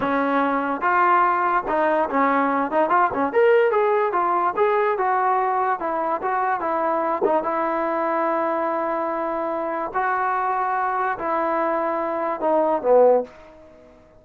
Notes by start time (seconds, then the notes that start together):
0.00 C#4
0.81 F4
1.68 D#4
2.09 C#4
2.71 D#4
2.89 F4
3.13 C#4
3.32 A#4
3.71 G#4
4.12 F4
4.56 G#4
4.97 F#4
5.79 E4
6.22 F#4
6.60 E4
7.24 D#4
7.43 E4
9.94 F#4
11.18 E4
12.40 D#4
12.82 B3